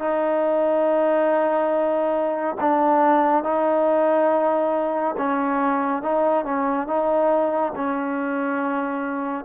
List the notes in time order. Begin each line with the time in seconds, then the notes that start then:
0.00 D#4
2.61 D4
3.44 D#4
5.18 C#4
6.03 D#4
6.45 C#4
6.88 D#4
7.76 C#4